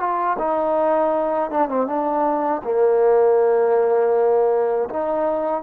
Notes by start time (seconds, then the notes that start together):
0.00 F4
0.39 D#4
1.51 D4
1.69 C4
1.87 D4
2.64 A#3
4.90 D#4